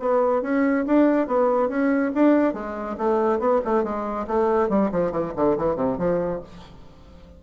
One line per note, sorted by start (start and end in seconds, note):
0.00 0.43 B3
0.43 0.86 C#4
0.87 1.27 D4
1.27 1.69 B3
1.69 2.12 C#4
2.15 2.54 D4
2.54 2.97 G#3
2.98 3.40 A3
3.40 3.61 B3
3.65 3.84 A3
3.84 4.27 G#3
4.28 4.70 A3
4.70 4.91 G3
4.92 5.12 F3
5.12 5.33 E3
5.36 5.58 D3
5.58 5.76 E3
5.76 5.97 C3
5.98 6.41 F3